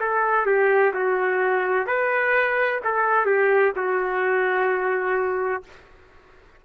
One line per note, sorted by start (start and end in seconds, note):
0.00 0.46 A4
0.46 0.93 G4
0.94 1.87 F#4
1.87 2.80 B4
2.84 3.26 A4
3.26 3.73 G4
3.76 5.63 F#4